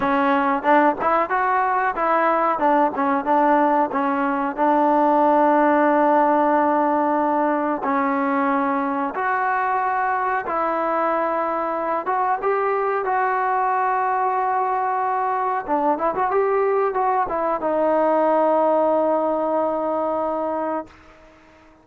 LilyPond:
\new Staff \with { instrumentName = "trombone" } { \time 4/4 \tempo 4 = 92 cis'4 d'8 e'8 fis'4 e'4 | d'8 cis'8 d'4 cis'4 d'4~ | d'1 | cis'2 fis'2 |
e'2~ e'8 fis'8 g'4 | fis'1 | d'8 e'16 fis'16 g'4 fis'8 e'8 dis'4~ | dis'1 | }